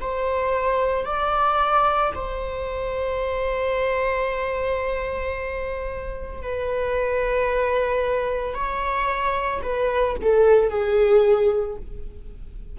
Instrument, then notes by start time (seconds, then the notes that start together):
viola
0.00 C5
1.05 D5
2.15 C5
6.42 B4
8.54 C#5
9.63 B4
10.22 A4
10.69 G#4